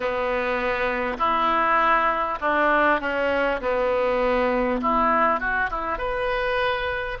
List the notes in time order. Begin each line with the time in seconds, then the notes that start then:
0.00 B3
1.18 E4
2.41 D4
3.00 C#4
3.60 B3
4.82 E4
5.40 F#4
5.70 E4
5.97 B4